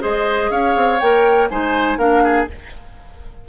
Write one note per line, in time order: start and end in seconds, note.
0.00 0.51 G#3
0.00 0.98 G#4
0.00 0.51 C5
0.00 0.51 D#5
0.51 0.75 C#4
0.51 1.49 C#5
0.51 1.00 F5
0.76 1.00 C4
1.00 1.50 A#3
1.00 1.51 A#4
1.00 1.49 G5
1.50 1.97 G#3
1.50 1.98 D#4
1.50 1.98 C5
1.50 1.99 G#5
1.97 2.46 A#3
1.97 2.48 D4
1.97 2.23 A#4
1.97 2.48 F5
2.24 2.48 G#4